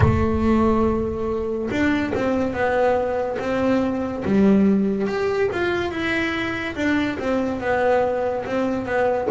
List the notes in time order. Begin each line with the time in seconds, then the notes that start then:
0.00 A3
1.70 D4
2.14 C4
2.53 B3
3.39 C4
4.24 G3
5.07 G4
5.52 F4
5.90 E4
6.75 D4
7.18 C4
7.60 B3
8.45 C4
8.85 B3